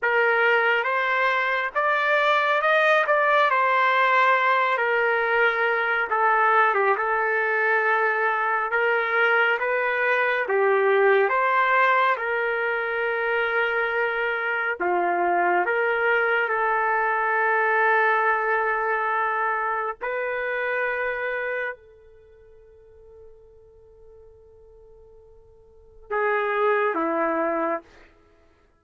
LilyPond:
\new Staff \with { instrumentName = "trumpet" } { \time 4/4 \tempo 4 = 69 ais'4 c''4 d''4 dis''8 d''8 | c''4. ais'4. a'8. g'16 | a'2 ais'4 b'4 | g'4 c''4 ais'2~ |
ais'4 f'4 ais'4 a'4~ | a'2. b'4~ | b'4 a'2.~ | a'2 gis'4 e'4 | }